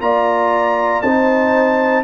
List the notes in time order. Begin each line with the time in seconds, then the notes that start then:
0.00 A#3 F4 D5 A#5
1.02 C4 D#4 C5 A5